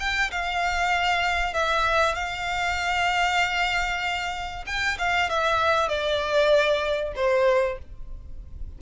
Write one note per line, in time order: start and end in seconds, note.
0.00 0.31 G5
0.32 1.54 F5
1.54 2.15 E5
2.15 4.65 F5
4.67 4.98 G5
4.99 5.30 F5
5.30 5.89 E5
5.89 7.14 D5
7.16 7.79 C5